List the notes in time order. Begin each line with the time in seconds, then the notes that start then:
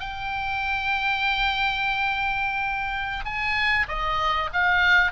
0.00 G5
3.25 G#5
3.88 D#5
4.53 F5